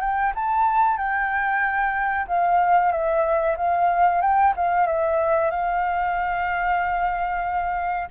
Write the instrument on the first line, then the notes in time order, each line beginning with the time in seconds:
flute
0.00 G5
0.35 A5
0.97 G5
2.27 F5
2.91 E5
3.57 F5
4.21 G5
4.56 F5
4.86 E5
5.50 F5